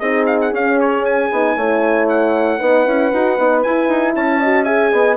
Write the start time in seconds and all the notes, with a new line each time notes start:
0.00 C4 D#4 G#4 D#5
0.27 F5
0.41 F#5
0.52 C#4 F5
0.80 C#5
1.05 G#5
1.32 B3 D#4
1.57 A3 E4 C#5
2.09 F#5
2.59 B3 D#4 B4
2.86 C#4 E4
3.13 D#4 F#4
3.39 B3 D#4
3.63 E4 G#5
3.89 D#4
4.15 C#4 C#5 A5
4.40 F#4 D#5
4.65 G#4 E5 G#5
4.93 B3 D#5